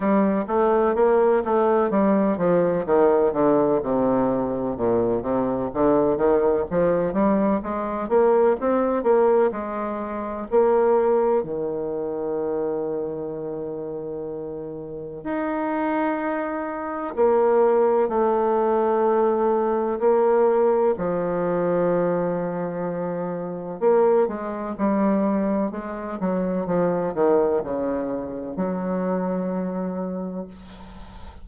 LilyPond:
\new Staff \with { instrumentName = "bassoon" } { \time 4/4 \tempo 4 = 63 g8 a8 ais8 a8 g8 f8 dis8 d8 | c4 ais,8 c8 d8 dis8 f8 g8 | gis8 ais8 c'8 ais8 gis4 ais4 | dis1 |
dis'2 ais4 a4~ | a4 ais4 f2~ | f4 ais8 gis8 g4 gis8 fis8 | f8 dis8 cis4 fis2 | }